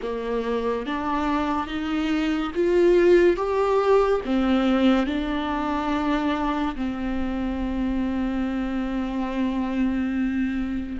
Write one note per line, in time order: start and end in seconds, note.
0.02 0.86 A#3
0.86 1.67 D4
1.67 2.51 D#4
2.54 3.36 F4
3.36 4.21 G4
4.25 5.06 C4
5.06 6.75 D4
6.75 10.98 C4